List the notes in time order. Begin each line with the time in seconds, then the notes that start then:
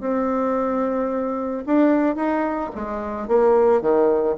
0.00 C4
1.66 D4
2.15 D#4
2.75 G#3
3.28 A#3
3.81 D#3